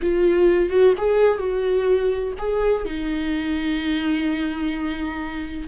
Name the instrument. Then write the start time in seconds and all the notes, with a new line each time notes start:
viola
0.02 F4
0.69 F#4
0.97 G#4
1.38 F#4
2.38 G#4
2.85 D#4